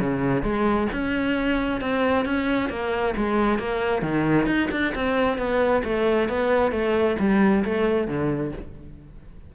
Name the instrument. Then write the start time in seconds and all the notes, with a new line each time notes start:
cello
0.00 C#3
0.43 G#3
0.93 C#4
1.81 C4
2.26 C#4
2.70 A#3
3.17 G#3
3.59 A#3
4.03 D#3
4.47 D#4
4.72 D4
4.95 C4
5.38 B3
5.85 A3
6.29 B3
6.72 A3
7.20 G3
7.65 A3
8.08 D3